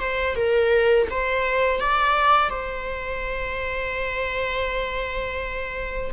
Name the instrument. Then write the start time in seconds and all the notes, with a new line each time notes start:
viola
0.00 C5
0.36 A#4
1.11 C5
1.81 D5
2.50 C5